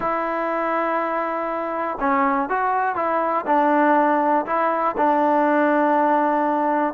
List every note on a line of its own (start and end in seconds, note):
0.00 1.97 E4
2.00 2.49 C#4
2.49 2.95 F#4
2.95 3.45 E4
3.46 4.45 D4
4.46 4.95 E4
4.97 6.94 D4